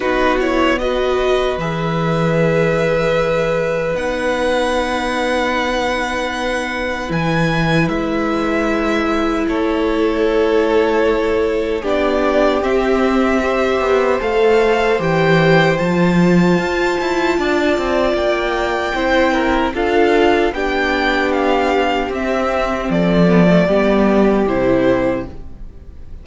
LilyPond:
<<
  \new Staff \with { instrumentName = "violin" } { \time 4/4 \tempo 4 = 76 b'8 cis''8 dis''4 e''2~ | e''4 fis''2.~ | fis''4 gis''4 e''2 | cis''2. d''4 |
e''2 f''4 g''4 | a''2. g''4~ | g''4 f''4 g''4 f''4 | e''4 d''2 c''4 | }
  \new Staff \with { instrumentName = "violin" } { \time 4/4 fis'4 b'2.~ | b'1~ | b'1 | a'2. g'4~ |
g'4 c''2.~ | c''2 d''2 | c''8 ais'8 a'4 g'2~ | g'4 a'4 g'2 | }
  \new Staff \with { instrumentName = "viola" } { \time 4/4 dis'8 e'8 fis'4 gis'2~ | gis'4 dis'2.~ | dis'4 e'2.~ | e'2. d'4 |
c'4 g'4 a'4 g'4 | f'1 | e'4 f'4 d'2 | c'4. b16 a16 b4 e'4 | }
  \new Staff \with { instrumentName = "cello" } { \time 4/4 b2 e2~ | e4 b2.~ | b4 e4 gis2 | a2. b4 |
c'4. b8 a4 e4 | f4 f'8 e'8 d'8 c'8 ais4 | c'4 d'4 b2 | c'4 f4 g4 c4 | }
>>